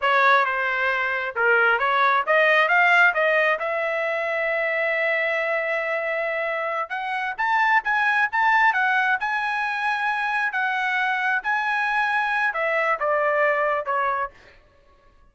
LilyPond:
\new Staff \with { instrumentName = "trumpet" } { \time 4/4 \tempo 4 = 134 cis''4 c''2 ais'4 | cis''4 dis''4 f''4 dis''4 | e''1~ | e''2.~ e''8 fis''8~ |
fis''8 a''4 gis''4 a''4 fis''8~ | fis''8 gis''2. fis''8~ | fis''4. gis''2~ gis''8 | e''4 d''2 cis''4 | }